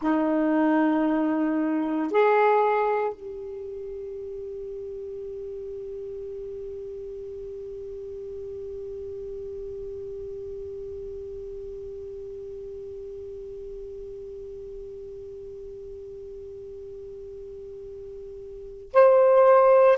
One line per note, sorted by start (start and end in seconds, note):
0.01 2.11 D#4
2.11 3.13 G#4
3.13 18.92 G4
18.93 19.97 C5